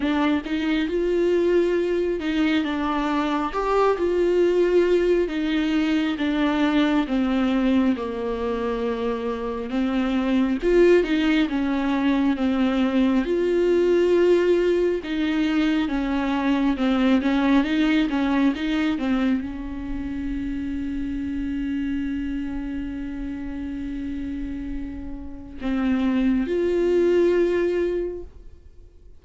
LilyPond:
\new Staff \with { instrumentName = "viola" } { \time 4/4 \tempo 4 = 68 d'8 dis'8 f'4. dis'8 d'4 | g'8 f'4. dis'4 d'4 | c'4 ais2 c'4 | f'8 dis'8 cis'4 c'4 f'4~ |
f'4 dis'4 cis'4 c'8 cis'8 | dis'8 cis'8 dis'8 c'8 cis'2~ | cis'1~ | cis'4 c'4 f'2 | }